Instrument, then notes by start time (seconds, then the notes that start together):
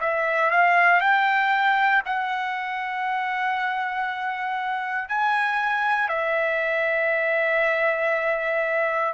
trumpet
0.00 E5
0.50 F5
1.01 G5
2.05 F#5
5.08 G#5
6.09 E5